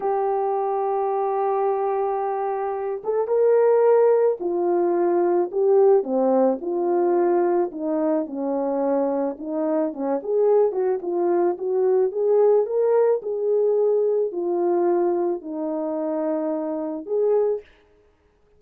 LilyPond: \new Staff \with { instrumentName = "horn" } { \time 4/4 \tempo 4 = 109 g'1~ | g'4. a'8 ais'2 | f'2 g'4 c'4 | f'2 dis'4 cis'4~ |
cis'4 dis'4 cis'8 gis'4 fis'8 | f'4 fis'4 gis'4 ais'4 | gis'2 f'2 | dis'2. gis'4 | }